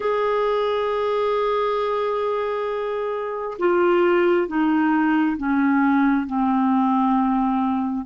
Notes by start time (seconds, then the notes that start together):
0.00 G#4
3.58 F4
4.47 D#4
5.37 C#4
6.26 C4